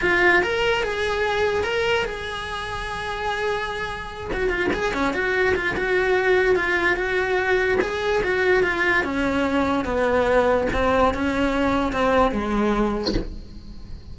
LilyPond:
\new Staff \with { instrumentName = "cello" } { \time 4/4 \tempo 4 = 146 f'4 ais'4 gis'2 | ais'4 gis'2.~ | gis'2~ gis'8 fis'8 f'8 gis'8 | cis'8 fis'4 f'8 fis'2 |
f'4 fis'2 gis'4 | fis'4 f'4 cis'2 | b2 c'4 cis'4~ | cis'4 c'4 gis2 | }